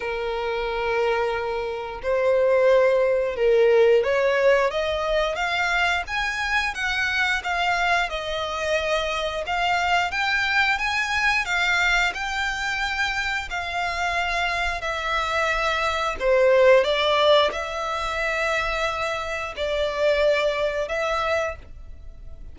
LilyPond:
\new Staff \with { instrumentName = "violin" } { \time 4/4 \tempo 4 = 89 ais'2. c''4~ | c''4 ais'4 cis''4 dis''4 | f''4 gis''4 fis''4 f''4 | dis''2 f''4 g''4 |
gis''4 f''4 g''2 | f''2 e''2 | c''4 d''4 e''2~ | e''4 d''2 e''4 | }